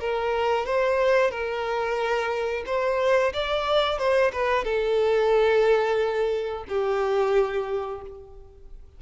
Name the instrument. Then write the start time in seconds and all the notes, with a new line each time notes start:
violin
0.00 A#4
0.66 C5
1.31 A#4
2.66 C5
3.33 D5
3.98 C5
4.32 B4
4.65 A4
6.68 G4